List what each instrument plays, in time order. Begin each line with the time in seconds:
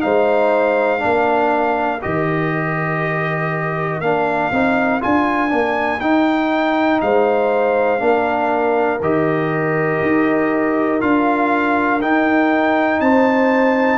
0.00 tuba G#3, trombone D#4, horn C5, trumpet F5
0.99 tuba A#3, trombone D4, horn A#4
2.02 tuba D#3, trombone G4, trumpet D#5
4.01 tuba A#3, trombone D4, trumpet F5
4.52 tuba C4, trombone D#4
5.01 tuba D4, trombone F4, trumpet G#5
5.49 tuba A#3, trombone D4
6.01 tuba D#4, trombone D#4, trumpet G5
7.02 tuba G#3, horn C5, trumpet F5
8.00 tuba A#3, trombone D4, horn A#4
9.01 tuba D#3, trombone G4, trumpet D#5
10.02 tuba D#4
11.01 tuba D4, trombone F4, trumpet F5
12.02 tuba D#4, trombone D#4, trumpet G5
13.01 tuba C4, horn C5, trumpet A5